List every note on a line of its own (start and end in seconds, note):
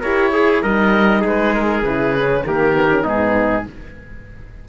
0.00 0.63 E4
0.00 0.33 G4
0.00 0.30 A#4
0.00 0.63 C#5
0.32 0.62 G#4
0.32 0.63 G#4
0.62 1.24 G3
0.62 1.85 D#4
0.62 1.21 A#4
0.62 1.23 D#5
1.21 1.82 G#3
1.21 2.42 G#4
1.21 1.54 B4
1.54 1.84 A#4
1.82 2.43 C#3
1.82 2.15 E4
1.82 2.44 B4
2.15 2.45 C#4
2.45 3.05 D#3
2.45 2.73 A#3
2.45 3.04 G4
2.45 3.07 A#4
2.73 2.88 B3
2.90 3.04 C#4
3.04 3.66 G#2
3.04 3.64 B3
3.04 3.64 D#4
3.04 3.69 G#4